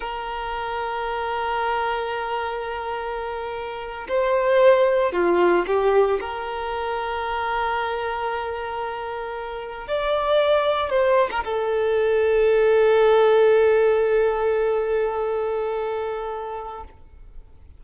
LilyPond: \new Staff \with { instrumentName = "violin" } { \time 4/4 \tempo 4 = 114 ais'1~ | ais'2.~ ais'8. c''16~ | c''4.~ c''16 f'4 g'4 ais'16~ | ais'1~ |
ais'2~ ais'8. d''4~ d''16~ | d''8. c''8. ais'16 a'2~ a'16~ | a'1~ | a'1 | }